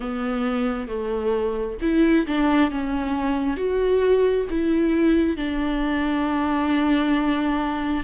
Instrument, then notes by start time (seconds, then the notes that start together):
viola
0.00 B3
0.88 A3
1.81 E4
2.26 D4
2.71 C#4
3.56 F#4
4.49 E4
5.36 D4